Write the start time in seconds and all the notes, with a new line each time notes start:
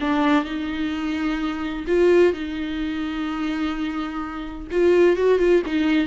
0.00 D4
0.44 D#4
1.87 F4
2.33 D#4
4.71 F4
5.16 F#4
5.38 F4
5.66 D#4